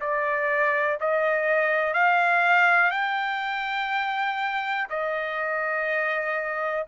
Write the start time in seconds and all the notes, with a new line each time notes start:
0.00 D5
1.00 D#5
1.93 F5
2.91 G5
4.89 D#5